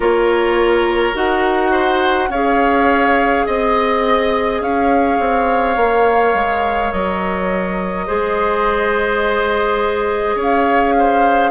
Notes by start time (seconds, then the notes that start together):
0.00 A#3 F4 A#4 C#5
1.13 D#4 F#4 F#5
1.71 C5
2.29 C#4 G#4 C#5 F5
3.46 C4 D#5
4.60 C#4 C#5 F5
5.19 C4
5.76 A#3 A#4
6.33 G#3
6.92 F#3 D#5
8.06 G#3 G#4 C5
10.35 C#4 C#5
10.42 F5
10.98 C5